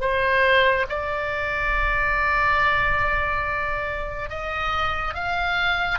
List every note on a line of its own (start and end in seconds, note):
0.00 0.86 C5
0.89 4.29 D5
4.29 5.14 D#5
5.14 5.98 F5